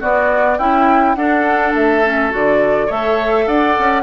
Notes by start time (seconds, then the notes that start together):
0.00 B3 F#4 D5
0.58 C#4 E4 G5
1.15 D4 A4 F#5
1.74 A3 E5
2.04 C#4
2.30 D3 F#4 D5
2.86 A3 A4 C#5 E5
3.47 D4 D5 F#5
3.78 C#4